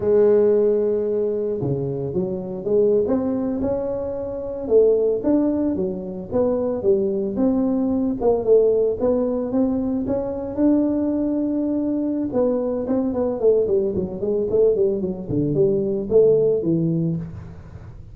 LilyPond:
\new Staff \with { instrumentName = "tuba" } { \time 4/4 \tempo 4 = 112 gis2. cis4 | fis4 gis8. c'4 cis'4~ cis'16~ | cis'8. a4 d'4 fis4 b16~ | b8. g4 c'4. ais8 a16~ |
a8. b4 c'4 cis'4 d'16~ | d'2. b4 | c'8 b8 a8 g8 fis8 gis8 a8 g8 | fis8 d8 g4 a4 e4 | }